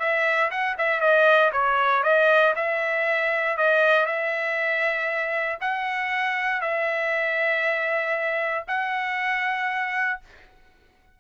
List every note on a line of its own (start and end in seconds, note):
0.00 0.51 E5
0.51 0.77 F#5
0.78 1.01 E5
1.01 1.51 D#5
1.53 2.03 C#5
2.03 2.54 D#5
2.56 3.57 E5
3.57 4.06 D#5
4.06 5.59 E5
5.61 6.61 F#5
6.61 8.65 E5
8.68 10.20 F#5